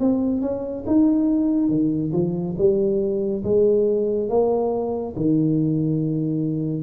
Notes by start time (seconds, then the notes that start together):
0.00 C4
0.42 C#4
0.87 D#4
1.69 D#3
2.13 F3
2.58 G3
3.44 G#3
4.29 A#3
5.16 D#3